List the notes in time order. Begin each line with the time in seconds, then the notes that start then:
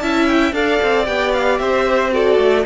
0.00 C#4 E4 E5 A5
0.27 G5
0.52 D4 A4 D5 F5
0.82 C4
1.06 B3 G4 G5
1.33 F5
1.59 C4 C5 E5
2.12 F#4 A4 D5
2.38 A3